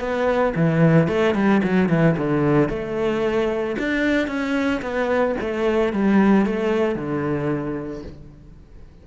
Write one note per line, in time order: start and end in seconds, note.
0.00 0.54 B3
0.55 1.08 E3
1.08 1.35 A3
1.35 1.61 G3
1.63 1.89 F#3
1.89 2.16 E3
2.17 2.69 D3
2.69 3.76 A3
3.79 4.27 D4
4.27 4.81 C#4
4.82 5.35 B3
5.41 5.93 A3
5.93 6.46 G3
6.46 6.95 A3
6.95 8.03 D3